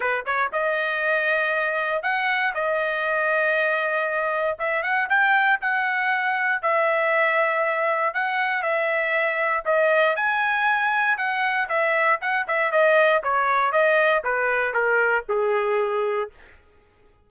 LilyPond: \new Staff \with { instrumentName = "trumpet" } { \time 4/4 \tempo 4 = 118 b'8 cis''8 dis''2. | fis''4 dis''2.~ | dis''4 e''8 fis''8 g''4 fis''4~ | fis''4 e''2. |
fis''4 e''2 dis''4 | gis''2 fis''4 e''4 | fis''8 e''8 dis''4 cis''4 dis''4 | b'4 ais'4 gis'2 | }